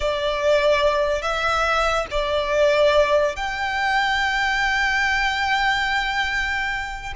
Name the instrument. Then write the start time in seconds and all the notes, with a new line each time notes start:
violin
0.00 D5
1.22 E5
2.10 D5
3.36 G5